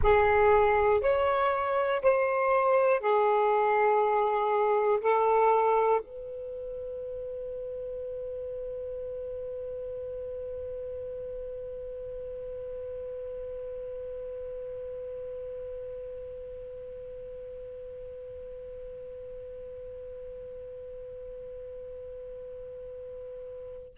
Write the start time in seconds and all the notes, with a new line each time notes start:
0.02 G#4
1.00 C#5
2.02 C5
3.00 G#4
5.00 A4
6.01 B4